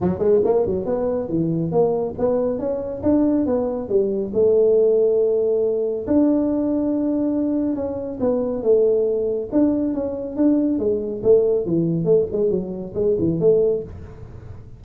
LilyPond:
\new Staff \with { instrumentName = "tuba" } { \time 4/4 \tempo 4 = 139 fis8 gis8 ais8 fis8 b4 e4 | ais4 b4 cis'4 d'4 | b4 g4 a2~ | a2 d'2~ |
d'2 cis'4 b4 | a2 d'4 cis'4 | d'4 gis4 a4 e4 | a8 gis8 fis4 gis8 e8 a4 | }